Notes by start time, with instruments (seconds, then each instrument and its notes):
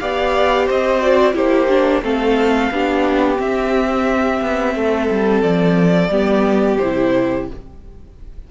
0.00 cello B3, viola G4, violin D5 F5
0.66 cello C4, violin C5 D#5
1.01 viola F#4, violin D5
1.34 cello A#3, viola E4, violin G4 C5
1.69 viola D4
2.02 cello A3, viola C4, violin A4 F5
2.71 cello B3, viola D4, violin G4
3.36 viola C4, cello C4, violin E5
4.41 cello B3
4.76 cello A3, violin A4
5.11 cello G3
5.42 cello F3, violin D5
6.09 cello G3, viola B3, violin G4
6.78 cello C3, viola E4, violin C5